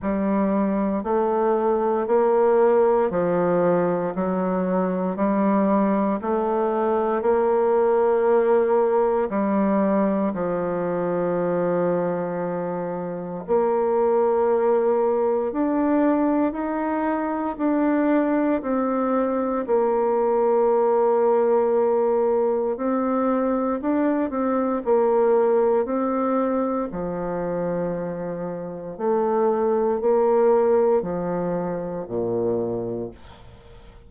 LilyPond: \new Staff \with { instrumentName = "bassoon" } { \time 4/4 \tempo 4 = 58 g4 a4 ais4 f4 | fis4 g4 a4 ais4~ | ais4 g4 f2~ | f4 ais2 d'4 |
dis'4 d'4 c'4 ais4~ | ais2 c'4 d'8 c'8 | ais4 c'4 f2 | a4 ais4 f4 ais,4 | }